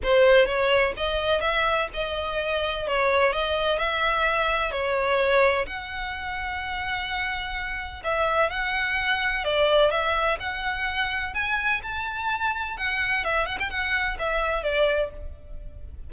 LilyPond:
\new Staff \with { instrumentName = "violin" } { \time 4/4 \tempo 4 = 127 c''4 cis''4 dis''4 e''4 | dis''2 cis''4 dis''4 | e''2 cis''2 | fis''1~ |
fis''4 e''4 fis''2 | d''4 e''4 fis''2 | gis''4 a''2 fis''4 | e''8 fis''16 g''16 fis''4 e''4 d''4 | }